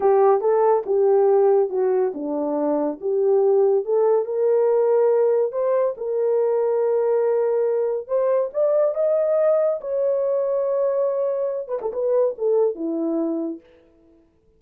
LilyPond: \new Staff \with { instrumentName = "horn" } { \time 4/4 \tempo 4 = 141 g'4 a'4 g'2 | fis'4 d'2 g'4~ | g'4 a'4 ais'2~ | ais'4 c''4 ais'2~ |
ais'2. c''4 | d''4 dis''2 cis''4~ | cis''2.~ cis''8 b'16 a'16 | b'4 a'4 e'2 | }